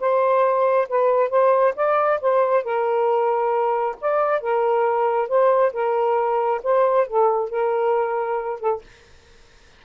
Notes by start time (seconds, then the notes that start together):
0.00 C5
0.89 B4
1.30 C5
1.76 D5
2.22 C5
2.64 A#4
4.01 D5
4.41 A#4
5.29 C5
5.73 A#4
6.63 C5
7.07 A4
7.50 A#4
8.60 A4